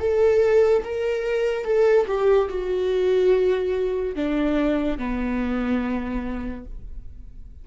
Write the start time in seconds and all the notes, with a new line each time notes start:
0.00 A4
0.84 A#4
1.65 A4
2.07 G4
2.49 F#4
4.16 D4
4.98 B3